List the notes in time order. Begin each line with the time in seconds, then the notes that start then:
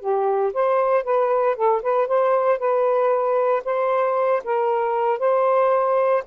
0.00 G4
0.53 C5
1.03 B4
1.55 A4
1.82 B4
2.07 C5
2.58 B4
3.64 C5
4.44 A#4
5.19 C5